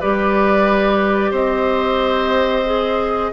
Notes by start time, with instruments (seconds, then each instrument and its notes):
0.00 bassoon G3, clarinet G4, oboe B4, flute D5
1.31 bassoon C4, oboe C5, flute D#5
2.66 clarinet G#4